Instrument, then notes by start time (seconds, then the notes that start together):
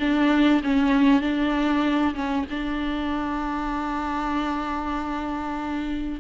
viola
0.00 D4
0.63 C#4
1.21 D4
2.14 C#4
2.50 D4